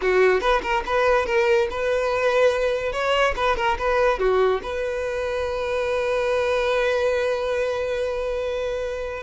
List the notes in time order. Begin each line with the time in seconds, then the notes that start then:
0.01 F#4
0.40 B4
0.62 A#4
0.86 B4
1.26 A#4
1.70 B4
2.92 C#5
3.36 B4
3.56 A#4
3.78 B4
4.19 F#4
4.62 B4